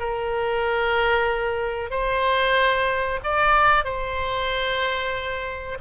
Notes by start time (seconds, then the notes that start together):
0.00 A#4
1.91 C5
3.24 D5
3.85 C5